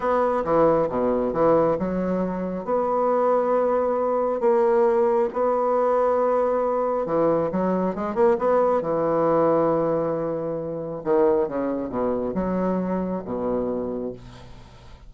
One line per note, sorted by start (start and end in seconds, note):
0.00 0.43 B3
0.44 0.88 E3
0.89 1.33 B2
1.33 1.77 E3
1.78 2.64 F#3
2.64 4.40 B3
4.40 5.28 A#3
5.33 7.05 B3
7.05 7.50 E3
7.51 7.95 F#3
7.95 8.15 G#3
8.15 8.37 A#3
8.38 8.81 B3
8.81 11.02 E3
11.04 11.48 D#3
11.48 11.89 C#3
11.89 12.33 B2
12.34 13.22 F#3
13.24 14.13 B2